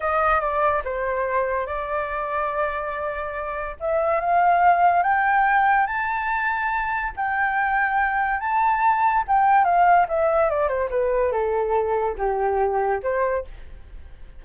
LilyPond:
\new Staff \with { instrumentName = "flute" } { \time 4/4 \tempo 4 = 143 dis''4 d''4 c''2 | d''1~ | d''4 e''4 f''2 | g''2 a''2~ |
a''4 g''2. | a''2 g''4 f''4 | e''4 d''8 c''8 b'4 a'4~ | a'4 g'2 c''4 | }